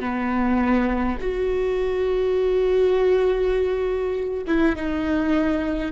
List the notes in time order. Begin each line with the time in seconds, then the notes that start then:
0.00 B3
1.21 F#4
4.47 E4
4.76 D#4